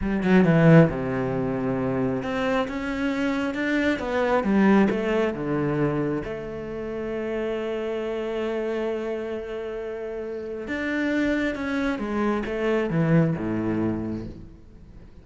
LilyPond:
\new Staff \with { instrumentName = "cello" } { \time 4/4 \tempo 4 = 135 g8 fis8 e4 c2~ | c4 c'4 cis'2 | d'4 b4 g4 a4 | d2 a2~ |
a1~ | a1 | d'2 cis'4 gis4 | a4 e4 a,2 | }